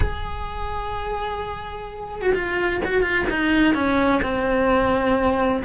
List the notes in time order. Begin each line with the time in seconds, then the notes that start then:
0.00 G#4
2.21 F#4
2.34 F4
2.84 F#4
3.01 F4
3.30 D#4
3.74 C#4
4.22 C4